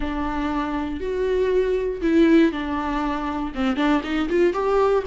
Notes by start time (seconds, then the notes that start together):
0.00 D4
1.00 F#4
2.01 E4
2.52 D4
3.55 C4
3.76 D4
4.03 D#4
4.29 F4
4.53 G4